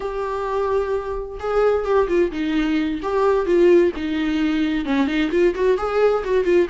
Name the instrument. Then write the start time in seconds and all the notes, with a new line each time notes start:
viola
0.00 G4
1.39 G#4
1.84 G4
2.08 F4
2.31 D#4
3.02 G4
3.46 F4
3.95 D#4
4.85 C#4
5.07 D#4
5.31 F4
5.54 F#4
5.77 G#4
6.23 F#4
6.44 F4